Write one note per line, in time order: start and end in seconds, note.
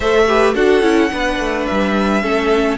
0.00 0.54 A3
0.00 0.28 A4
0.00 0.24 C5
0.00 0.54 E5
0.28 0.54 G4
0.28 0.55 B4
0.54 0.82 D4
0.54 0.82 F#4
0.54 1.10 A4
0.54 1.66 F#5
0.82 1.09 C#4
0.82 1.09 E4
1.11 1.39 B3
1.11 2.22 D4
1.11 2.22 B4
1.39 1.67 A3
1.66 2.23 G3
1.66 2.77 E5
2.22 2.77 A3
2.22 2.77 C#4
2.22 2.77 A4